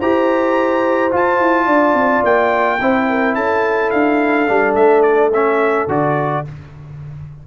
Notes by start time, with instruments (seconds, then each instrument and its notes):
0.00 tuba E4, trombone G4, horn C5, trumpet A#5
1.11 trombone F4, tuba F4, trumpet A5
1.40 tuba E4
1.66 tuba D4, horn D5
1.95 tuba C4
2.24 tuba A#3, trumpet G5
2.80 tuba C4, trombone E4, horn C5
3.10 horn A#4
3.35 tuba C#4, horn A4, trumpet A5
3.91 tuba D4, trumpet F5
4.48 tuba G3, trombone D4
4.75 tuba A3, trumpet E5
5.02 trumpet D5
5.34 trombone C#4, trumpet E5
5.88 tuba D3, trombone F#4, trumpet D5